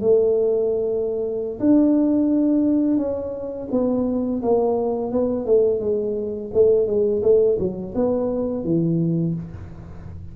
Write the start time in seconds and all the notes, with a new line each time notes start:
0.00 A3
1.59 D4
2.97 C#4
3.71 B3
4.42 A#3
5.11 B3
5.45 A3
5.80 G#3
6.53 A3
6.87 G#3
7.22 A3
7.59 F#3
7.94 B3
8.64 E3